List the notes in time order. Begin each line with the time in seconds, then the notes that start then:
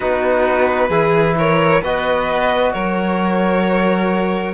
0.00 B3 D#4 F#4 B4
0.88 E3 E4 G#4
1.37 A#4 C#5
1.81 B3 F#4 B4 D#5
2.73 F#3 A#4 C#5